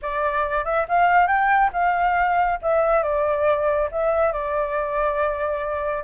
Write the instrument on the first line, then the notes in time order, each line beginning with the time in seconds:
flute
0.02 D5
0.64 E5
0.88 F5
1.27 G5
1.72 F5
2.61 E5
3.02 D5
3.91 E5
4.32 D5